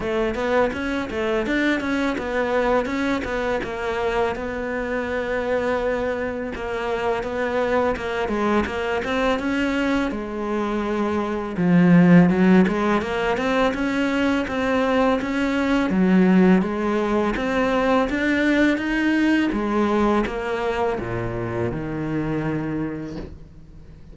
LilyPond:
\new Staff \with { instrumentName = "cello" } { \time 4/4 \tempo 4 = 83 a8 b8 cis'8 a8 d'8 cis'8 b4 | cis'8 b8 ais4 b2~ | b4 ais4 b4 ais8 gis8 | ais8 c'8 cis'4 gis2 |
f4 fis8 gis8 ais8 c'8 cis'4 | c'4 cis'4 fis4 gis4 | c'4 d'4 dis'4 gis4 | ais4 ais,4 dis2 | }